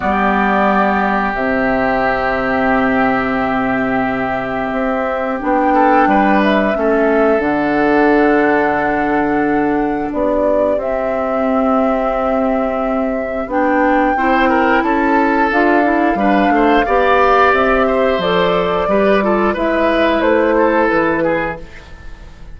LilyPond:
<<
  \new Staff \with { instrumentName = "flute" } { \time 4/4 \tempo 4 = 89 d''2 e''2~ | e''1 | g''4. e''4. fis''4~ | fis''2. d''4 |
e''1 | g''2 a''4 f''4~ | f''2 e''4 d''4~ | d''4 e''4 c''4 b'4 | }
  \new Staff \with { instrumentName = "oboe" } { \time 4/4 g'1~ | g'1~ | g'8 a'8 b'4 a'2~ | a'2. g'4~ |
g'1~ | g'4 c''8 ais'8 a'2 | b'8 c''8 d''4. c''4. | b'8 a'8 b'4. a'4 gis'8 | }
  \new Staff \with { instrumentName = "clarinet" } { \time 4/4 b2 c'2~ | c'1 | d'2 cis'4 d'4~ | d'1 |
c'1 | d'4 e'2 f'8 e'8 | d'4 g'2 a'4 | g'8 f'8 e'2. | }
  \new Staff \with { instrumentName = "bassoon" } { \time 4/4 g2 c2~ | c2. c'4 | b4 g4 a4 d4~ | d2. b4 |
c'1 | b4 c'4 cis'4 d'4 | g8 a8 b4 c'4 f4 | g4 gis4 a4 e4 | }
>>